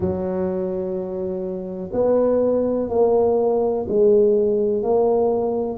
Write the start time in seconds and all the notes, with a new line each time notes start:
0.00 F#3
1.92 B3
2.89 A#3
3.88 G#3
4.83 A#3